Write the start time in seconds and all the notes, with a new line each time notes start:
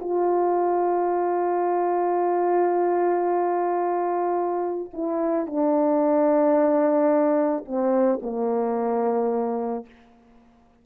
0.00 F4
4.93 E4
5.46 D4
7.65 C4
8.22 A#3